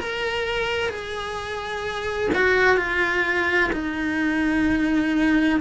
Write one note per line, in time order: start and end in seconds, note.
0.00 0.89 A#4
0.89 2.30 G#4
2.35 2.77 F#4
2.77 3.71 F4
3.73 5.60 D#4